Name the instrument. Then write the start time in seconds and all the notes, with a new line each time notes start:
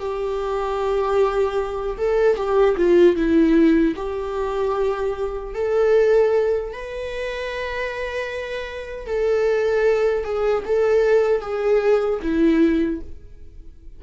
viola
0.00 G4
1.98 A4
2.36 G4
2.77 F4
3.16 E4
3.96 G4
5.54 A4
6.73 B4
9.06 A4
10.24 G#4
10.66 A4
11.41 G#4
12.22 E4